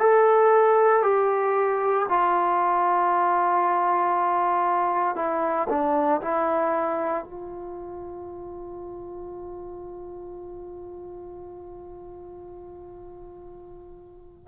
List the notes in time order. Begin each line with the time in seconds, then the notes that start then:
0.00 A4
1.03 G4
2.10 F4
5.16 E4
5.69 D4
6.22 E4
7.25 F4